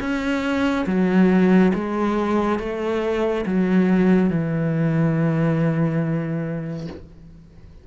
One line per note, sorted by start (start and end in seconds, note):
0.00 0.86 C#4
0.86 1.72 F#3
1.75 2.59 G#3
2.59 3.45 A3
3.46 4.30 F#3
4.30 6.87 E3